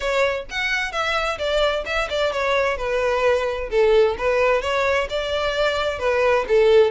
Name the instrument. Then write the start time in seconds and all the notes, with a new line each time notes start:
violin
0.00 C#5
0.50 F#5
0.91 E5
1.38 D5
1.85 E5
2.09 D5
2.32 C#5
2.77 B4
3.70 A4
4.18 B4
4.61 C#5
5.09 D5
5.99 B4
6.48 A4